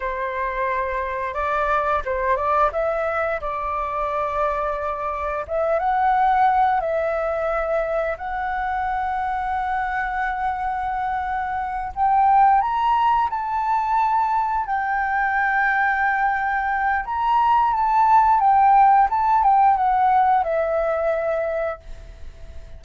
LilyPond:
\new Staff \with { instrumentName = "flute" } { \time 4/4 \tempo 4 = 88 c''2 d''4 c''8 d''8 | e''4 d''2. | e''8 fis''4. e''2 | fis''1~ |
fis''4. g''4 ais''4 a''8~ | a''4. g''2~ g''8~ | g''4 ais''4 a''4 g''4 | a''8 g''8 fis''4 e''2 | }